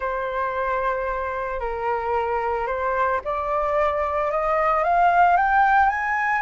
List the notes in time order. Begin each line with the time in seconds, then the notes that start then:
0.00 C5
1.59 A#4
2.66 C5
3.24 D5
4.31 D#5
4.83 F5
5.36 G5
5.89 G#5